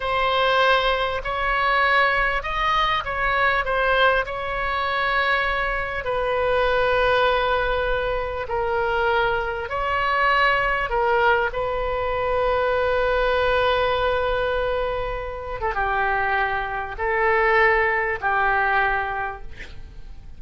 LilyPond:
\new Staff \with { instrumentName = "oboe" } { \time 4/4 \tempo 4 = 99 c''2 cis''2 | dis''4 cis''4 c''4 cis''4~ | cis''2 b'2~ | b'2 ais'2 |
cis''2 ais'4 b'4~ | b'1~ | b'4.~ b'16 a'16 g'2 | a'2 g'2 | }